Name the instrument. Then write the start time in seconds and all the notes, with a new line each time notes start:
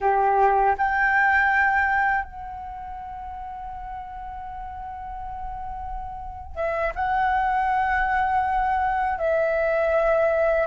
flute
0.00 G4
0.77 G5
2.24 F#5
6.55 E5
6.95 F#5
9.18 E5